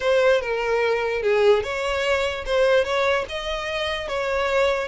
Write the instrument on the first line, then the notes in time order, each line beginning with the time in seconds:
violin
0.00 C5
0.41 A#4
1.22 G#4
1.63 C#5
2.45 C5
2.84 C#5
3.28 D#5
4.07 C#5